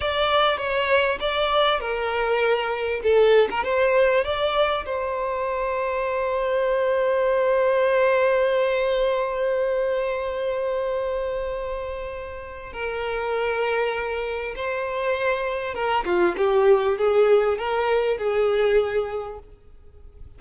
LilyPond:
\new Staff \with { instrumentName = "violin" } { \time 4/4 \tempo 4 = 99 d''4 cis''4 d''4 ais'4~ | ais'4 a'8. ais'16 c''4 d''4 | c''1~ | c''1~ |
c''1~ | c''4 ais'2. | c''2 ais'8 f'8 g'4 | gis'4 ais'4 gis'2 | }